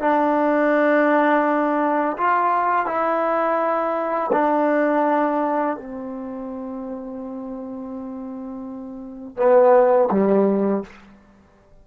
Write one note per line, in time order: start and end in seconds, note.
0.00 2.17 D4
2.18 2.87 F4
2.87 4.31 E4
4.33 5.77 D4
5.77 9.37 C4
9.37 10.09 B3
10.12 10.84 G3